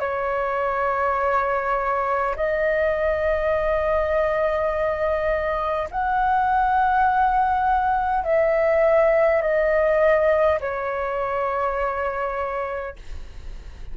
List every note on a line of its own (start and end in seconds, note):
0.00 2.35 C#5
2.36 5.89 D#5
5.91 8.24 F#5
8.24 9.42 E5
9.42 10.59 D#5
10.60 12.96 C#5